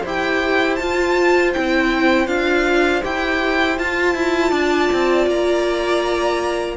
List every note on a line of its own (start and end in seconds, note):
0.00 0.80 E4
0.00 0.79 G4
0.00 4.50 C5
0.08 0.75 G5
0.75 1.54 F4
0.75 1.55 F4
0.75 1.50 A5
1.53 2.27 C4
1.53 2.27 E4
1.53 2.27 G5
2.27 3.02 D4
2.27 3.02 F4
2.27 3.02 F5
3.02 3.78 E4
3.02 3.77 G4
3.02 3.78 G5
3.77 6.76 F4
3.77 4.14 F4
3.77 5.28 A5
4.14 4.51 E4
4.50 4.89 D4
4.50 6.75 D5
4.92 5.27 C4
5.27 6.76 A#3
5.27 6.76 A#5